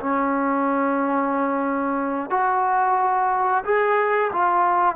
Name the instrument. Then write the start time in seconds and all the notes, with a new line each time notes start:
trombone
0.00 C#4
2.30 F#4
3.65 G#4
4.33 F4